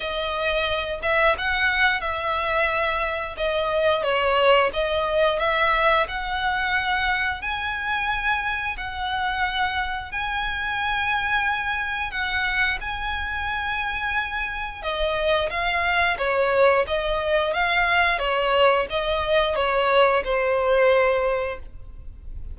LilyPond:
\new Staff \with { instrumentName = "violin" } { \time 4/4 \tempo 4 = 89 dis''4. e''8 fis''4 e''4~ | e''4 dis''4 cis''4 dis''4 | e''4 fis''2 gis''4~ | gis''4 fis''2 gis''4~ |
gis''2 fis''4 gis''4~ | gis''2 dis''4 f''4 | cis''4 dis''4 f''4 cis''4 | dis''4 cis''4 c''2 | }